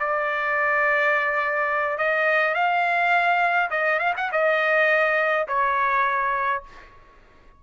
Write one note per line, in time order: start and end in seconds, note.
0.00 1.98 D5
1.98 2.55 D#5
2.55 3.70 F5
3.71 3.99 D#5
3.99 4.14 F5
4.17 4.31 F#5
4.32 5.48 D#5
5.48 6.63 C#5